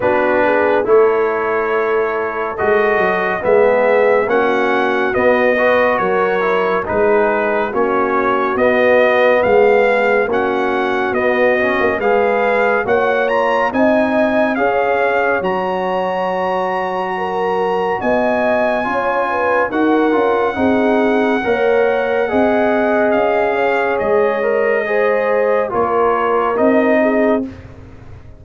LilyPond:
<<
  \new Staff \with { instrumentName = "trumpet" } { \time 4/4 \tempo 4 = 70 b'4 cis''2 dis''4 | e''4 fis''4 dis''4 cis''4 | b'4 cis''4 dis''4 f''4 | fis''4 dis''4 f''4 fis''8 ais''8 |
gis''4 f''4 ais''2~ | ais''4 gis''2 fis''4~ | fis''2. f''4 | dis''2 cis''4 dis''4 | }
  \new Staff \with { instrumentName = "horn" } { \time 4/4 fis'8 gis'8 a'2. | gis'4 fis'4. b'8 ais'4 | gis'4 fis'2 gis'4 | fis'2 b'4 cis''4 |
dis''4 cis''2. | ais'4 dis''4 cis''8 b'8 ais'4 | gis'4 cis''4 dis''4. cis''8~ | cis''4 c''4 ais'4. gis'8 | }
  \new Staff \with { instrumentName = "trombone" } { \time 4/4 d'4 e'2 fis'4 | b4 cis'4 b8 fis'4 e'8 | dis'4 cis'4 b2 | cis'4 b8 cis'8 gis'4 fis'8 f'8 |
dis'4 gis'4 fis'2~ | fis'2 f'4 fis'8 f'8 | dis'4 ais'4 gis'2~ | gis'8 ais'8 gis'4 f'4 dis'4 | }
  \new Staff \with { instrumentName = "tuba" } { \time 4/4 b4 a2 gis8 fis8 | gis4 ais4 b4 fis4 | gis4 ais4 b4 gis4 | ais4 b8. ais16 gis4 ais4 |
c'4 cis'4 fis2~ | fis4 b4 cis'4 dis'8 cis'8 | c'4 ais4 c'4 cis'4 | gis2 ais4 c'4 | }
>>